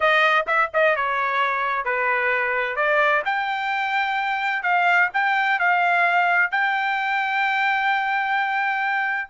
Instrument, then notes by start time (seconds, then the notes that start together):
trumpet
0.00 D#5
0.47 E5
0.73 D#5
0.96 C#5
1.85 B4
2.75 D5
3.25 G5
4.62 F5
5.13 G5
5.59 F5
6.51 G5